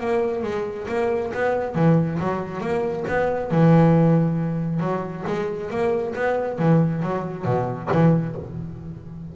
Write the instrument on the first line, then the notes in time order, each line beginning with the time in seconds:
double bass
0.00 A#3
0.43 G#3
0.88 A#3
1.34 B3
1.75 E3
2.19 F#3
2.60 A#3
3.08 B3
3.51 E3
4.80 F#3
5.27 G#3
5.70 A#3
6.15 B3
6.58 E3
7.02 F#3
7.45 B2
7.91 E3